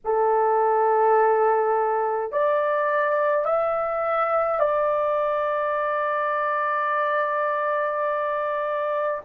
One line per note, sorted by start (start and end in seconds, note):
0.04 2.31 A4
2.31 3.45 D5
3.45 4.59 E5
4.59 9.20 D5